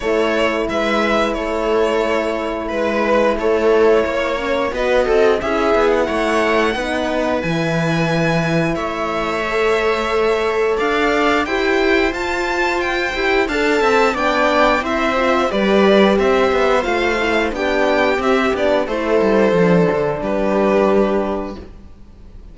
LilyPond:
<<
  \new Staff \with { instrumentName = "violin" } { \time 4/4 \tempo 4 = 89 cis''4 e''4 cis''2 | b'4 cis''2 dis''4 | e''8. fis''2~ fis''16 gis''4~ | gis''4 e''2. |
f''4 g''4 a''4 g''4 | a''4 g''4 e''4 d''4 | e''4 f''4 g''4 e''8 d''8 | c''2 b'2 | }
  \new Staff \with { instrumentName = "viola" } { \time 4/4 a'4 b'4 a'2 | b'4 a'4 cis''4 b'8 a'8 | gis'4 cis''4 b'2~ | b'4 cis''2. |
d''4 c''2. | f''8 e''8 d''4 c''4 b'4 | c''2 g'2 | a'2 g'2 | }
  \new Staff \with { instrumentName = "horn" } { \time 4/4 e'1~ | e'2~ e'8 cis'8 fis'4 | e'2 dis'4 e'4~ | e'2 a'2~ |
a'4 g'4 f'4. g'8 | a'4 d'4 e'8 f'8 g'4~ | g'4 f'8 e'8 d'4 c'8 d'8 | e'4 d'2. | }
  \new Staff \with { instrumentName = "cello" } { \time 4/4 a4 gis4 a2 | gis4 a4 ais4 b8 c'8 | cis'8 b8 a4 b4 e4~ | e4 a2. |
d'4 e'4 f'4. e'8 | d'8 c'8 b4 c'4 g4 | c'8 b8 a4 b4 c'8 b8 | a8 g8 f8 d8 g2 | }
>>